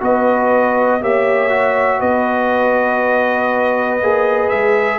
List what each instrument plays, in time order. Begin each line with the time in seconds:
0.00 tuba B3, trombone F#4, horn B4, trumpet D#5
1.00 tuba A#3, trombone G4, horn C#5, trumpet E5
1.49 trombone F#4
1.99 tuba B3, horn B4, trumpet D#5
4.01 tuba A#3, trombone G#4
4.49 tuba G#3, trumpet E5